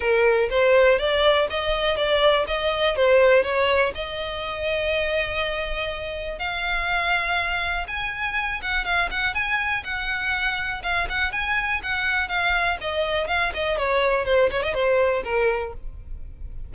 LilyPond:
\new Staff \with { instrumentName = "violin" } { \time 4/4 \tempo 4 = 122 ais'4 c''4 d''4 dis''4 | d''4 dis''4 c''4 cis''4 | dis''1~ | dis''4 f''2. |
gis''4. fis''8 f''8 fis''8 gis''4 | fis''2 f''8 fis''8 gis''4 | fis''4 f''4 dis''4 f''8 dis''8 | cis''4 c''8 cis''16 dis''16 c''4 ais'4 | }